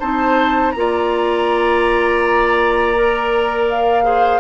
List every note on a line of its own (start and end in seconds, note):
0.00 0.74 C4
0.00 0.74 D#4
0.00 0.73 C5
0.00 0.72 A5
0.72 4.40 A#3
0.72 2.95 F4
0.72 3.64 A#5
0.79 4.05 D5
2.95 4.03 A#4
3.69 4.40 F5
4.03 4.40 G#4
4.03 4.40 C5